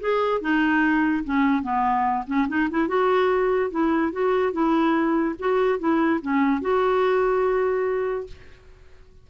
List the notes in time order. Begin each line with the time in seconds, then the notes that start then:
0.00 G#4
0.41 D#4
1.24 C#4
1.62 B3
2.26 C#4
2.48 D#4
2.70 E4
2.87 F#4
3.70 E4
4.12 F#4
4.52 E4
5.39 F#4
5.79 E4
6.21 C#4
6.61 F#4